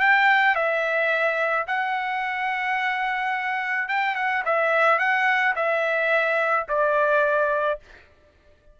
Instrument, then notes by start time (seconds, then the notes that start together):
trumpet
0.00 G5
0.55 E5
1.67 F#5
3.88 G5
4.15 F#5
4.45 E5
4.99 F#5
5.56 E5
6.68 D5